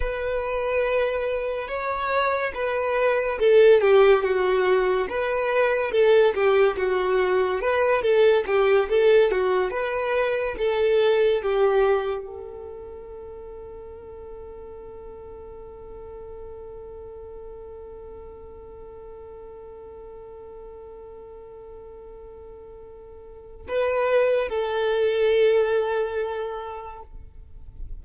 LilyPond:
\new Staff \with { instrumentName = "violin" } { \time 4/4 \tempo 4 = 71 b'2 cis''4 b'4 | a'8 g'8 fis'4 b'4 a'8 g'8 | fis'4 b'8 a'8 g'8 a'8 fis'8 b'8~ | b'8 a'4 g'4 a'4.~ |
a'1~ | a'1~ | a'1 | b'4 a'2. | }